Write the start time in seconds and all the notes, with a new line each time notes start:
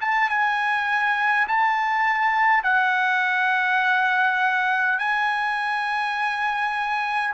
0.00 A5
0.29 G#5
1.48 A5
2.63 F#5
4.98 G#5